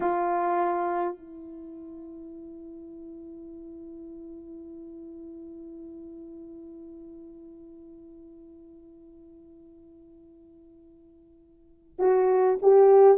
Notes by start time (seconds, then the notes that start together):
0.00 F4
1.17 E4
11.98 F#4
12.62 G4